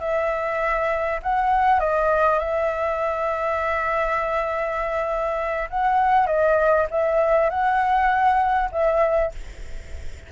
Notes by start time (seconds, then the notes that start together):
0.00 E5
1.23 F#5
1.80 D#5
2.39 E5
5.70 F#5
6.27 D#5
6.91 E5
7.50 F#5
8.72 E5